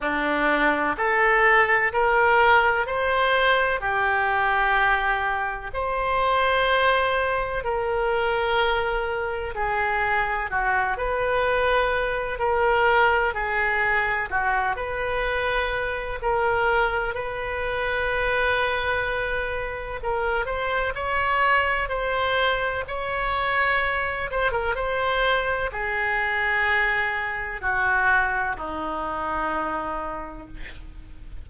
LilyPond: \new Staff \with { instrumentName = "oboe" } { \time 4/4 \tempo 4 = 63 d'4 a'4 ais'4 c''4 | g'2 c''2 | ais'2 gis'4 fis'8 b'8~ | b'4 ais'4 gis'4 fis'8 b'8~ |
b'4 ais'4 b'2~ | b'4 ais'8 c''8 cis''4 c''4 | cis''4. c''16 ais'16 c''4 gis'4~ | gis'4 fis'4 dis'2 | }